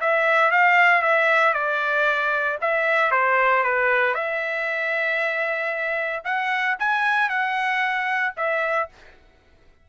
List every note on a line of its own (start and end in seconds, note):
0.00 0.51 E5
0.51 1.02 F5
1.02 1.53 E5
1.53 2.58 D5
2.61 3.11 E5
3.11 3.63 C5
3.63 4.14 B4
4.14 6.23 E5
6.24 6.76 F#5
6.78 7.29 G#5
7.29 8.33 F#5
8.36 8.89 E5